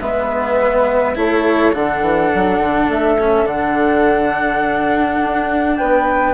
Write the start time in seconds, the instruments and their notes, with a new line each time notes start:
0.00 bassoon G#3, cello B3, flute B4 E5
1.15 bassoon A3, cello E4, flute A4 C#5
1.73 bassoon D3, cello D4, flute F#5
2.01 bassoon E3
2.34 bassoon F#3
2.59 bassoon D3
2.89 bassoon A3, flute E5
3.19 cello C#4
3.43 bassoon D3, cello D4, flute F#5
5.22 bassoon D4
5.77 bassoon B3, flute B4 G5